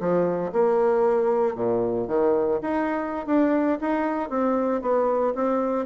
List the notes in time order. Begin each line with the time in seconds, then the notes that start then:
0.00 F3
0.52 A#3
1.55 A#2
2.08 D#3
2.62 D#4
3.27 D4
3.81 D#4
4.29 C4
4.82 B3
5.35 C4